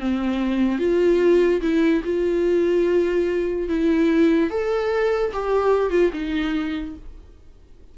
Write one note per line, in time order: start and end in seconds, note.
0.00 0.79 C4
0.79 1.61 F4
1.62 2.03 E4
2.04 3.69 F4
3.69 4.50 E4
4.50 5.33 A4
5.33 5.91 G4
5.91 6.11 F4
6.13 6.96 D#4